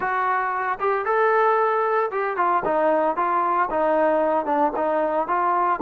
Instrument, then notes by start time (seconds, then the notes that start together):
trombone
0.00 F#4
0.79 G4
1.05 A4
2.11 G4
2.36 F4
2.64 D#4
3.16 F4
3.70 D#4
4.45 D4
4.75 D#4
5.27 F4